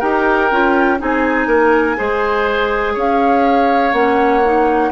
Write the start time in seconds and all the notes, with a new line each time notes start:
0.00 D#4 G4 A#4 G5
0.52 C#4 F4
0.99 C4 D#4 G#4 G#5
1.47 A#3 A#4
1.96 G#3 G#4 C5
2.94 C#4 C#5 F5
3.93 A#3 C#4 F#5
4.44 D#4